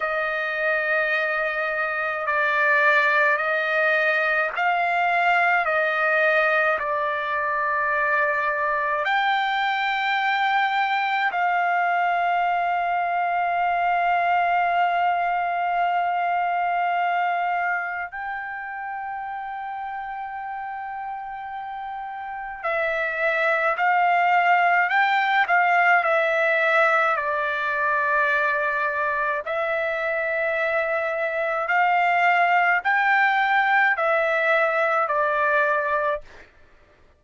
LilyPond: \new Staff \with { instrumentName = "trumpet" } { \time 4/4 \tempo 4 = 53 dis''2 d''4 dis''4 | f''4 dis''4 d''2 | g''2 f''2~ | f''1 |
g''1 | e''4 f''4 g''8 f''8 e''4 | d''2 e''2 | f''4 g''4 e''4 d''4 | }